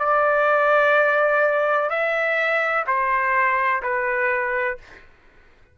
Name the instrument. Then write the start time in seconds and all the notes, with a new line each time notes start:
trumpet
0.00 D5
1.90 E5
2.87 C5
3.83 B4